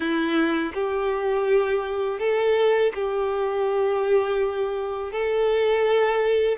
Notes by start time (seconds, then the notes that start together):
0.00 E4
0.74 G4
2.19 A4
2.94 G4
5.12 A4